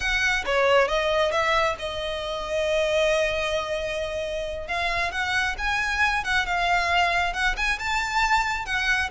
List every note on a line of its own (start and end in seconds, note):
0.00 0.44 F#5
0.45 0.87 C#5
0.87 1.31 D#5
1.31 1.76 E5
1.78 4.67 D#5
4.67 5.11 F5
5.11 5.56 F#5
5.58 6.24 G#5
6.24 6.45 F#5
6.45 7.33 F5
7.33 7.55 F#5
7.57 7.78 G#5
7.78 8.65 A5
8.65 9.10 F#5